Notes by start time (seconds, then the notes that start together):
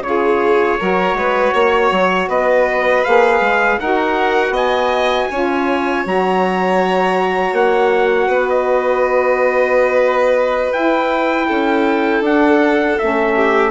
0.00 C#3 F4 C#5
0.08 G#4
0.79 F#3 F#4 A#4
1.13 G#3 B4
1.54 A#3 C#5
1.91 F#3
2.28 B3 B4 D#5
3.04 A#3 G#4 F5
3.40 G#3
3.80 D#4 F#4 A#4 F#5
4.50 B3 D#5 G#5
5.30 C#4 F4 C#5
6.04 F#3 F#4 A#5
7.52 A#3 F#5
8.27 B3 B4
8.49 D#5
10.73 E4 G5
11.47 C#4 A4
12.21 D4 F#5
12.98 A3 C#4 E5
13.35 G4